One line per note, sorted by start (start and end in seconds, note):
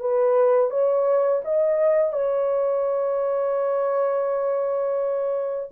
0.00 0.70 B4
0.70 1.42 C#5
1.44 2.13 D#5
2.13 5.70 C#5